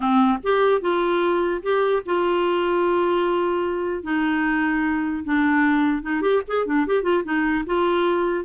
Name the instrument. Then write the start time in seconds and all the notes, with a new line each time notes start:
clarinet
0.00 C4
0.43 G4
0.81 F4
1.62 G4
2.05 F4
4.03 D#4
5.24 D4
6.02 D#4
6.21 G4
6.47 G#4
6.66 D4
6.87 G4
7.02 F4
7.24 D#4
7.66 F4